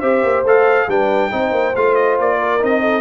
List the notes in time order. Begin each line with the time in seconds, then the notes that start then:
0.00 C4 G4 C5 E5
0.23 A#3
0.43 A3 A4 F5
0.88 G3 D4 B4 G5
1.30 C4 D#4 C5
1.51 A#3
1.76 A3 F4 F5
1.95 D#5
2.19 A#3 D5
2.38 A#4
2.60 C4 D#4 D#5
2.82 A4